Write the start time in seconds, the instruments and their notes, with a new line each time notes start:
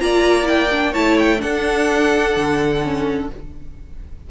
0.00 cello A#3, viola F4, violin D5 A#5
0.44 viola E4, violin G5
0.72 viola D4
0.92 cello A3, viola E4, violin C#5 A5
1.19 violin G5
1.38 viola D4, cello D4, violin A4 F#5
2.37 cello D3
2.84 viola C#4